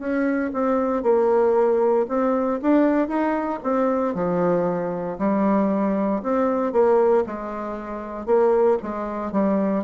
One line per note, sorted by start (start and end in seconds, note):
0.00 0.52 C#4
0.54 1.03 C4
1.03 2.07 A#3
2.09 2.61 C4
2.62 3.08 D4
3.08 3.60 D#4
3.64 4.15 C4
4.15 5.18 F3
5.19 6.23 G3
6.23 6.73 C4
6.73 7.25 A#3
7.27 8.26 G#3
8.26 8.78 A#3
8.83 9.32 G#3
9.32 9.84 G3